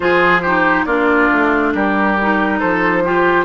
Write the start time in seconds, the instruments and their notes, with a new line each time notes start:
0.00 bassoon F3, clarinet F4, oboe G#4, flute C5
0.41 clarinet D#4, oboe G4
0.84 bassoon A#3, clarinet D4, oboe F4, flute D5
1.32 bassoon A3
1.74 bassoon G3, oboe G4, flute A#4
2.21 clarinet D#4
2.59 bassoon F3, oboe A4, flute C5
3.04 clarinet F4, oboe G4